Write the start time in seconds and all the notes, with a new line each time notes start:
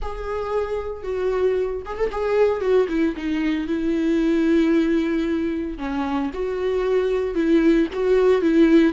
0.01 G#4
1.03 F#4
1.85 G#4
1.97 A4
2.11 G#4
2.61 F#4
2.88 E4
3.16 D#4
3.67 E4
5.78 C#4
6.33 F#4
7.34 E4
7.93 F#4
8.41 E4